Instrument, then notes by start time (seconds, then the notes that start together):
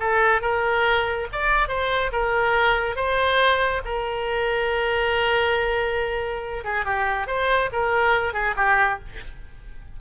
oboe
0.00 A4
0.42 A#4
1.32 D5
1.69 C5
2.13 A#4
2.96 C5
3.85 A#4
6.64 G#4
6.85 G4
7.27 C5
7.73 A#4
8.34 G#4
8.56 G4